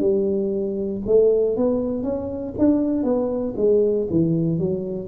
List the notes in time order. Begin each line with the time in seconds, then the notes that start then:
0.00 G3
1.07 A3
1.57 B3
2.03 C#4
2.59 D4
3.04 B3
3.57 G#3
4.10 E3
4.59 F#3